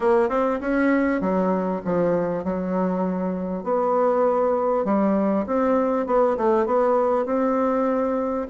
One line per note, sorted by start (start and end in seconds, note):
0.00 0.29 A#3
0.29 0.59 C4
0.60 1.21 C#4
1.21 1.81 F#3
1.85 2.44 F3
2.44 3.63 F#3
3.63 4.85 B3
4.85 5.45 G3
5.46 6.06 C4
6.06 6.36 B3
6.37 6.65 A3
6.65 7.25 B3
7.25 8.46 C4